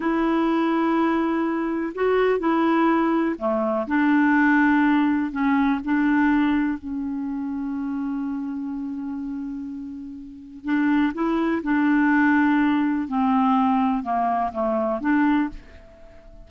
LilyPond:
\new Staff \with { instrumentName = "clarinet" } { \time 4/4 \tempo 4 = 124 e'1 | fis'4 e'2 a4 | d'2. cis'4 | d'2 cis'2~ |
cis'1~ | cis'2 d'4 e'4 | d'2. c'4~ | c'4 ais4 a4 d'4 | }